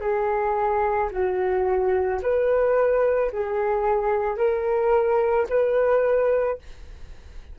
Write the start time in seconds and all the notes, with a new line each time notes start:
0.00 G#4
1.11 F#4
2.22 B4
3.32 G#4
4.37 A#4
5.49 B4